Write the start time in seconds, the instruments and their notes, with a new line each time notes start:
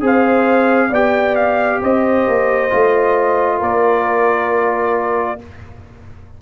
0.00 tuba C4, trombone G#4, horn C5, trumpet F5
0.89 tuba B3, trombone G4, horn D5, trumpet G5
1.35 trumpet F5
1.82 tuba C4, horn C5, trumpet D#5
2.27 tuba A#3
2.70 tuba A3, trombone F4
3.58 tuba A#3, horn A#4, trumpet D5